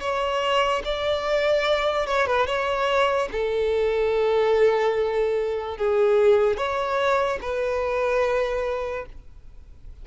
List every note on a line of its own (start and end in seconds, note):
0.00 0.82 C#5
0.84 2.07 D5
2.07 2.26 C#5
2.26 2.47 B4
2.47 3.29 C#5
3.32 5.77 A4
5.77 6.57 G#4
6.57 7.39 C#5
7.42 9.06 B4